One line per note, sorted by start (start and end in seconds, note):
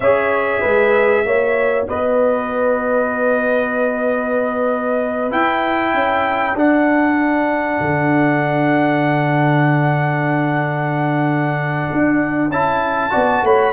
0.00 0.61 C#4
0.00 1.26 G#4
0.00 0.60 C#5
0.00 1.85 E5
0.60 1.25 G#3
0.60 1.23 B4
1.25 1.87 A#3
1.25 5.30 F#4
1.25 1.88 C#5
1.88 5.31 B3
1.88 5.93 B4
1.88 5.32 D#5
5.30 6.55 E4
5.30 5.93 E4
5.30 6.57 G5
5.93 6.54 C#4
5.93 13.11 A4
6.54 7.79 D4
6.54 12.50 D4
6.54 12.51 F#5
7.80 11.86 D3
11.91 12.48 D4
12.48 13.10 C#4
12.48 13.10 E4
12.48 13.45 A5
13.10 13.42 B3
13.10 13.72 F#4
13.10 13.42 D5
13.42 13.73 A3
13.42 13.73 C#5
13.42 13.73 B5